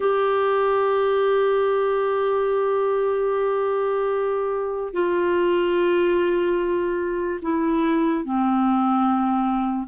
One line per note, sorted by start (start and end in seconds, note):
0.00 4.93 G4
4.93 7.40 F4
7.42 8.24 E4
8.24 9.87 C4